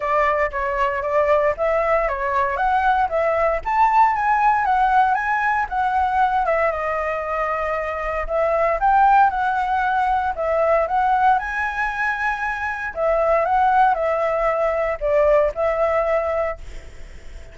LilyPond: \new Staff \with { instrumentName = "flute" } { \time 4/4 \tempo 4 = 116 d''4 cis''4 d''4 e''4 | cis''4 fis''4 e''4 a''4 | gis''4 fis''4 gis''4 fis''4~ | fis''8 e''8 dis''2. |
e''4 g''4 fis''2 | e''4 fis''4 gis''2~ | gis''4 e''4 fis''4 e''4~ | e''4 d''4 e''2 | }